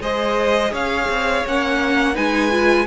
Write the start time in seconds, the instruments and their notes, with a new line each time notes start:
0.00 cello G#3, viola G#4, violin C5 D#5
0.71 cello C#4, violin C#5 F5
1.08 cello C4
1.45 cello A#3, viola C#4, violin F#5
2.14 cello G#3, viola D#4, violin B4 G#5
2.50 viola F4